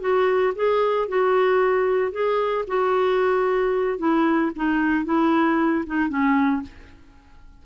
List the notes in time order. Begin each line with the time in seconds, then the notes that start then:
0.00 F#4
0.55 G#4
1.08 F#4
2.11 G#4
2.67 F#4
3.98 E4
4.56 D#4
5.05 E4
5.86 D#4
6.09 C#4